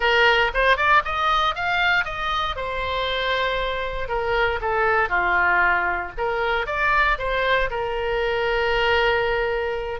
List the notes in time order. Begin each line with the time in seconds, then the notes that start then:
0.00 A#4
0.54 C5
0.76 D5
1.04 D#5
1.55 F5
2.04 D#5
2.56 C5
4.08 A#4
4.61 A4
5.09 F4
6.17 A#4
6.66 D5
7.18 C5
7.70 A#4